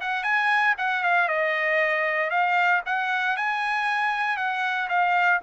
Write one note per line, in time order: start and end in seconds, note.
0.00 0.23 F#5
0.23 0.74 G#5
0.77 1.03 F#5
1.03 1.28 F5
1.28 2.30 D#5
2.30 2.81 F5
2.85 3.36 F#5
3.36 4.37 G#5
4.37 4.88 F#5
4.89 5.40 F5